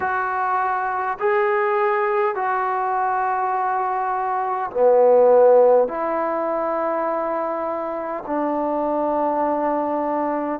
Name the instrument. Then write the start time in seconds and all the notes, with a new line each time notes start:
trombone
0.00 F#4
1.19 G#4
2.35 F#4
4.71 B3
5.88 E4
8.26 D4